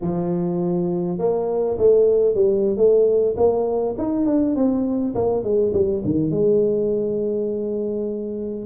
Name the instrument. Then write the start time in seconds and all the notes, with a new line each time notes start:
tuba
0.01 F3
1.18 A#3
1.78 A3
2.34 G3
2.76 A3
3.36 A#3
3.97 D#4
4.26 D4
4.55 C4
5.15 A#3
5.43 G#3
5.73 G3
6.05 D#3
6.30 G#3